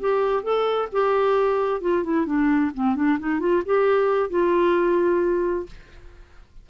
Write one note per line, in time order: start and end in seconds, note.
0.00 0.43 G4
0.43 0.89 A4
0.93 1.81 G4
1.81 2.04 F4
2.04 2.26 E4
2.26 2.71 D4
2.75 2.96 C4
2.96 3.19 D4
3.19 3.40 D#4
3.40 3.63 F4
3.66 4.30 G4
4.30 5.67 F4